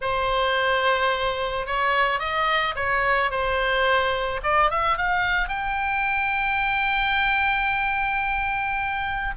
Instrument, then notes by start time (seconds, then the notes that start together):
oboe
0.01 C5
1.66 C#5
2.19 D#5
2.75 C#5
3.31 C5
4.43 D5
4.70 E5
4.97 F5
5.48 G5